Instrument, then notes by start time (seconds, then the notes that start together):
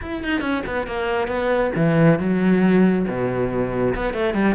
cello
0.01 E4
0.23 D#4
0.40 C#4
0.66 B3
0.86 A#3
1.27 B3
1.75 E3
2.19 F#3
3.08 B2
3.95 B3
4.13 A3
4.34 G3